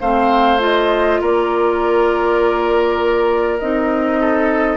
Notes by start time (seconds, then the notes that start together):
0.00 A3 C4 C5 F5
0.59 F4 D#5
1.20 A#3 A#4 D5
3.58 C4 D#4 D#5
4.20 A4